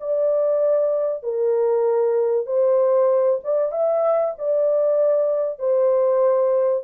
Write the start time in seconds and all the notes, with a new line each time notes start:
0.00 D5
1.23 A#4
2.46 C5
3.43 D5
3.72 E5
4.38 D5
5.59 C5